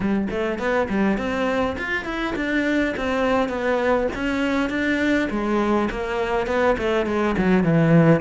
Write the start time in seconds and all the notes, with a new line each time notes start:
0.00 G3
0.30 A3
0.58 B3
0.89 G3
1.17 C4
1.78 F4
2.05 E4
2.35 D4
2.96 C4
3.48 B3
4.15 C#4
4.69 D4
5.30 G#3
5.90 A#3
6.47 B3
6.78 A3
7.06 G#3
7.37 F#3
7.63 E3